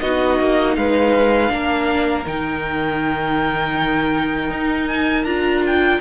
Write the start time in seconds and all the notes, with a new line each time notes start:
0.00 B3 D#4 F#4 D#5
0.40 A#3
0.76 G#3 B4 F5
1.48 A#3 D4 A#4
2.26 D#3 D#4 G5
4.50 D#4
4.88 G#5
5.24 D4 F4 A#5
5.66 G5